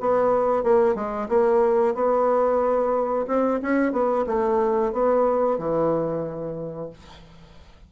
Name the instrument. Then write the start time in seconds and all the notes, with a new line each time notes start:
bassoon
0.00 B3
0.63 A#3
0.95 G#3
1.29 A#3
1.94 B3
3.27 C4
3.62 C#4
3.92 B3
4.26 A3
4.92 B3
5.58 E3